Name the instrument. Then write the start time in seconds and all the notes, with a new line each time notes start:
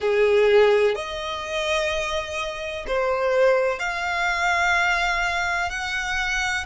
violin
0.00 G#4
0.95 D#5
2.87 C5
3.79 F5
5.69 F#5